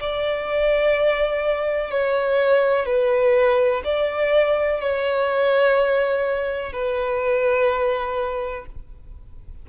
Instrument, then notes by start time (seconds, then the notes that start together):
violin
0.00 D5
1.91 C#5
2.86 B4
3.84 D5
4.81 C#5
6.73 B4